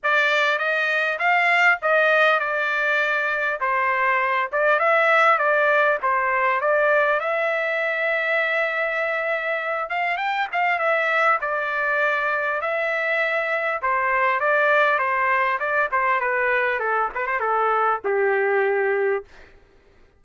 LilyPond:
\new Staff \with { instrumentName = "trumpet" } { \time 4/4 \tempo 4 = 100 d''4 dis''4 f''4 dis''4 | d''2 c''4. d''8 | e''4 d''4 c''4 d''4 | e''1~ |
e''8 f''8 g''8 f''8 e''4 d''4~ | d''4 e''2 c''4 | d''4 c''4 d''8 c''8 b'4 | a'8 b'16 c''16 a'4 g'2 | }